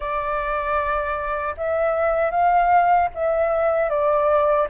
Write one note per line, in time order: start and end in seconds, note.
0.00 1.55 D5
1.57 2.30 E5
2.30 3.08 F5
3.14 3.89 E5
3.89 4.67 D5